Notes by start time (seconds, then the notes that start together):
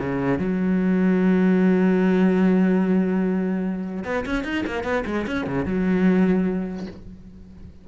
0.00 C#3
0.39 F#3
4.05 B3
4.26 C#4
4.45 D#4
4.67 A#3
4.84 B3
5.06 G#3
5.27 C#4
5.47 C#3
5.66 F#3